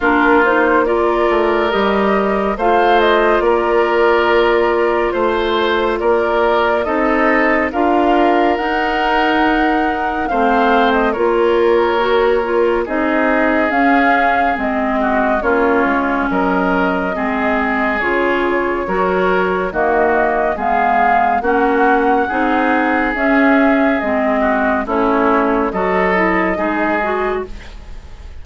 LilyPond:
<<
  \new Staff \with { instrumentName = "flute" } { \time 4/4 \tempo 4 = 70 ais'8 c''8 d''4 dis''4 f''8 dis''8 | d''2 c''4 d''4 | dis''4 f''4 fis''2 | f''8. dis''16 cis''2 dis''4 |
f''4 dis''4 cis''4 dis''4~ | dis''4 cis''2 dis''4 | f''4 fis''2 e''4 | dis''4 cis''4 dis''2 | }
  \new Staff \with { instrumentName = "oboe" } { \time 4/4 f'4 ais'2 c''4 | ais'2 c''4 ais'4 | a'4 ais'2. | c''4 ais'2 gis'4~ |
gis'4. fis'8 f'4 ais'4 | gis'2 ais'4 fis'4 | gis'4 fis'4 gis'2~ | gis'8 fis'8 e'4 a'4 gis'4 | }
  \new Staff \with { instrumentName = "clarinet" } { \time 4/4 d'8 dis'8 f'4 g'4 f'4~ | f'1 | dis'4 f'4 dis'2 | c'4 f'4 fis'8 f'8 dis'4 |
cis'4 c'4 cis'2 | c'4 f'4 fis'4 ais4 | b4 cis'4 dis'4 cis'4 | c'4 cis'4 fis'8 e'8 dis'8 fis'8 | }
  \new Staff \with { instrumentName = "bassoon" } { \time 4/4 ais4. a8 g4 a4 | ais2 a4 ais4 | c'4 d'4 dis'2 | a4 ais2 c'4 |
cis'4 gis4 ais8 gis8 fis4 | gis4 cis4 fis4 dis4 | gis4 ais4 c'4 cis'4 | gis4 a4 fis4 gis4 | }
>>